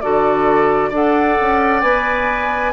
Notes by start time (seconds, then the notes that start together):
0.00 D3 F#4 A4 D5
0.89 D4 A4 D5 F#5
1.40 C#4
1.81 B3 B4 G#5